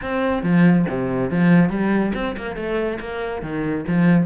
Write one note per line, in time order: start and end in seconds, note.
0.02 0.42 C4
0.42 0.85 F3
0.88 1.30 C3
1.30 1.69 F3
1.69 2.12 G3
2.14 2.36 C4
2.36 2.56 A#3
2.56 2.98 A3
2.99 3.41 A#3
3.41 3.84 D#3
3.87 4.26 F3